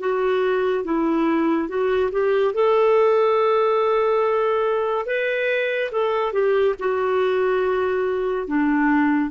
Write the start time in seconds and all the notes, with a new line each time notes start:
0.00 F#4
0.84 E4
1.68 F#4
2.12 G4
2.54 A4
5.06 B4
5.92 A4
6.33 G4
6.79 F#4
8.47 D4